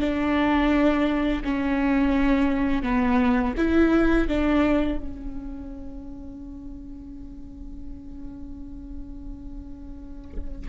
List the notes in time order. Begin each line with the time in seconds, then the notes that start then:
0.00 D4
1.44 C#4
2.83 B3
3.57 E4
4.28 D4
4.98 C#4